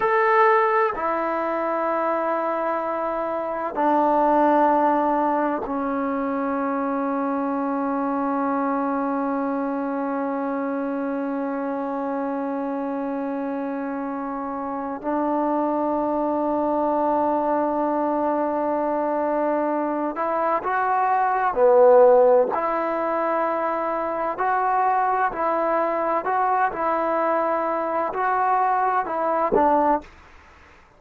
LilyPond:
\new Staff \with { instrumentName = "trombone" } { \time 4/4 \tempo 4 = 64 a'4 e'2. | d'2 cis'2~ | cis'1~ | cis'1 |
d'1~ | d'4. e'8 fis'4 b4 | e'2 fis'4 e'4 | fis'8 e'4. fis'4 e'8 d'8 | }